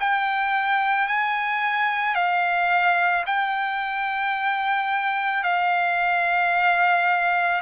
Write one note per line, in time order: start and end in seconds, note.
0.00 1.08 G5
1.08 2.15 G#5
2.15 3.24 F5
3.26 5.43 G5
5.43 7.62 F5